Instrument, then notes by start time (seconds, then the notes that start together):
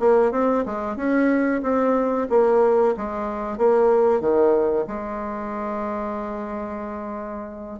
bassoon
0.00 A#3
0.32 C4
0.66 G#3
0.97 C#4
1.63 C4
2.30 A#3
2.97 G#3
3.58 A#3
4.21 D#3
4.88 G#3